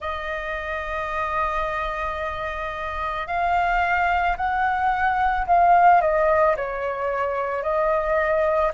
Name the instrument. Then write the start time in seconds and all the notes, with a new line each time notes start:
flute
0.00 D#5
3.27 F5
4.36 F#5
5.46 F5
6.00 D#5
6.56 C#5
7.62 D#5